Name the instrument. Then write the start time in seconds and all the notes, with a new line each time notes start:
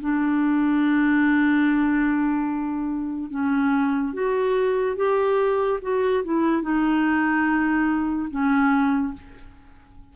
clarinet
0.00 D4
3.30 C#4
4.13 F#4
4.96 G4
5.81 F#4
6.24 E4
6.62 D#4
8.30 C#4